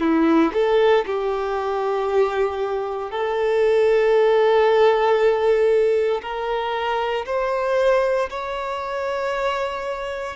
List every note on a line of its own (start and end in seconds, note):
0.00 0.52 E4
0.53 1.05 A4
1.05 3.11 G4
3.11 6.21 A4
6.22 7.25 A#4
7.26 8.29 C5
8.29 10.36 C#5